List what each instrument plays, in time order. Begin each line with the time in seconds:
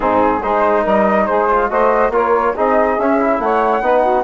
0.00 bassoon G#2, trombone C4, saxophone D#4, flute G#4
0.42 bassoon G#3, trombone D#4, saxophone G#4, flute C5
0.82 bassoon G3, saxophone A#4, flute D#5
1.26 bassoon G#3, saxophone G#4, flute C5
1.50 trombone F4
1.69 bassoon A3, trombone F#4, saxophone C5, flute D#5
2.09 bassoon A#3, trombone F4, saxophone A#4, flute C#5
2.54 bassoon C4, trombone D#4, saxophone G#4, flute D#5
2.98 bassoon C#4, trombone C#4, flute E5
3.19 trombone E4
3.39 bassoon A3, saxophone C#5, flute F#5
3.81 bassoon B3, trombone D#4, saxophone B4
4.02 saxophone F#4